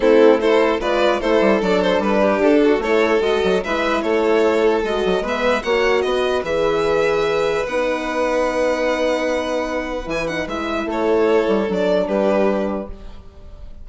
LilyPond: <<
  \new Staff \with { instrumentName = "violin" } { \time 4/4 \tempo 4 = 149 a'4 c''4 d''4 c''4 | d''8 c''8 b'4 a'4 cis''4 | dis''4 e''4 cis''2 | dis''4 e''4 fis''4 dis''4 |
e''2. fis''4~ | fis''1~ | fis''4 gis''8 fis''8 e''4 cis''4~ | cis''4 d''4 b'2 | }
  \new Staff \with { instrumentName = "violin" } { \time 4/4 e'4 a'4 b'4 a'4~ | a'4. g'4 fis'8 a'4~ | a'4 b'4 a'2~ | a'4 b'4 cis''4 b'4~ |
b'1~ | b'1~ | b'2. a'4~ | a'2 g'2 | }
  \new Staff \with { instrumentName = "horn" } { \time 4/4 c'4 e'4 f'4 e'4 | d'2. e'4 | fis'4 e'2. | fis'4 b4 fis'2 |
gis'2. dis'4~ | dis'1~ | dis'4 e'8 dis'8 e'2~ | e'4 d'2. | }
  \new Staff \with { instrumentName = "bassoon" } { \time 4/4 a2 gis4 a8 g8 | fis4 g4 d'4 a4 | gis8 fis8 gis4 a2 | gis8 fis8 gis4 ais4 b4 |
e2. b4~ | b1~ | b4 e4 gis4 a4~ | a8 g8 fis4 g2 | }
>>